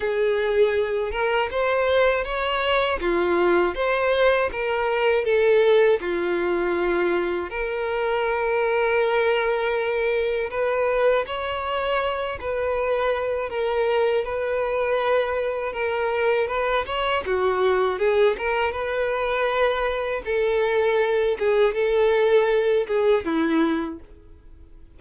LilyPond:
\new Staff \with { instrumentName = "violin" } { \time 4/4 \tempo 4 = 80 gis'4. ais'8 c''4 cis''4 | f'4 c''4 ais'4 a'4 | f'2 ais'2~ | ais'2 b'4 cis''4~ |
cis''8 b'4. ais'4 b'4~ | b'4 ais'4 b'8 cis''8 fis'4 | gis'8 ais'8 b'2 a'4~ | a'8 gis'8 a'4. gis'8 e'4 | }